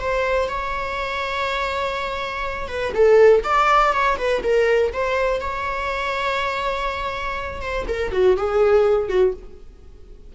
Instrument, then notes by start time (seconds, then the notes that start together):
viola
0.00 C5
0.49 C#5
2.68 B4
2.94 A4
3.44 D5
3.93 C#5
4.18 B4
4.44 A#4
4.93 C5
5.41 C#5
7.61 C5
7.88 A#4
8.12 F#4
8.37 G#4
9.09 F#4